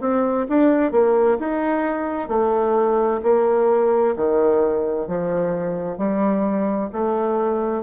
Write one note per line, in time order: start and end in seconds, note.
0.00 0.46 C4
0.49 0.91 D4
0.91 1.38 A#3
1.39 2.28 D#4
2.28 3.21 A3
3.23 4.15 A#3
4.16 5.07 D#3
5.07 5.97 F3
5.97 6.90 G3
6.92 7.83 A3